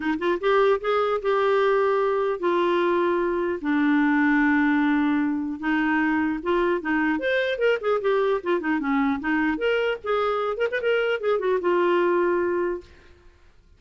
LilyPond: \new Staff \with { instrumentName = "clarinet" } { \time 4/4 \tempo 4 = 150 dis'8 f'8 g'4 gis'4 g'4~ | g'2 f'2~ | f'4 d'2.~ | d'2 dis'2 |
f'4 dis'4 c''4 ais'8 gis'8 | g'4 f'8 dis'8 cis'4 dis'4 | ais'4 gis'4. ais'16 b'16 ais'4 | gis'8 fis'8 f'2. | }